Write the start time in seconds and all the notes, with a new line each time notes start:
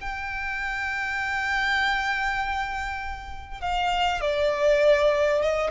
0.00 G5
3.61 F5
4.21 D5
5.42 D#5